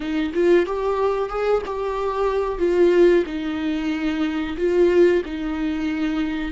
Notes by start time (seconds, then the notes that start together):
0.00 D#4
0.33 F4
0.66 G4
1.29 G#4
1.66 G4
2.58 F4
3.25 D#4
4.57 F4
5.25 D#4